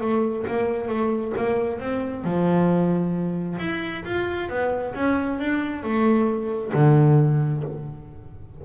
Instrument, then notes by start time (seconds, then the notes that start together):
double bass
0.00 A3
0.47 A#3
0.88 A3
1.36 A#3
1.79 C4
2.23 F3
3.59 E4
4.04 F4
4.49 B3
4.94 C#4
5.39 D4
5.82 A3
6.73 D3